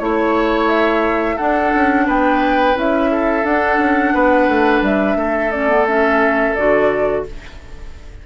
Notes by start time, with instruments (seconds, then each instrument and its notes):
0.00 bassoon A3, clarinet E4, flute C#5, oboe C#5
0.69 flute E5
1.36 clarinet D4, bassoon D4, oboe A4, flute F#5
1.74 bassoon C#4
2.07 bassoon B3, oboe B4, flute G5
2.75 bassoon C#4, clarinet E4, flute E5
3.11 oboe A4
3.44 clarinet D4, bassoon D4, flute F#5
3.78 bassoon C#4
4.14 bassoon B3, oboe B4
4.48 bassoon A3
4.82 bassoon G3, flute E5
5.16 bassoon A3, oboe A4
5.52 clarinet C#4, flute D5
5.69 clarinet B3
5.87 clarinet C#4, flute E5
6.55 bassoon D3, clarinet F#4, flute D5